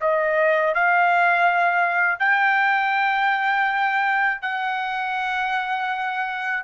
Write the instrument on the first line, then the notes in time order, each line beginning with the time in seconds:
trumpet
0.00 D#5
0.74 F5
2.19 G5
4.41 F#5